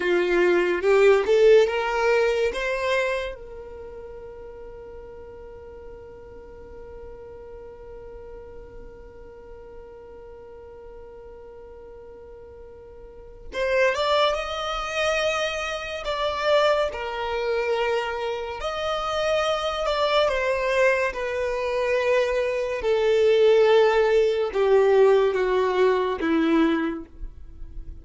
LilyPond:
\new Staff \with { instrumentName = "violin" } { \time 4/4 \tempo 4 = 71 f'4 g'8 a'8 ais'4 c''4 | ais'1~ | ais'1~ | ais'1 |
c''8 d''8 dis''2 d''4 | ais'2 dis''4. d''8 | c''4 b'2 a'4~ | a'4 g'4 fis'4 e'4 | }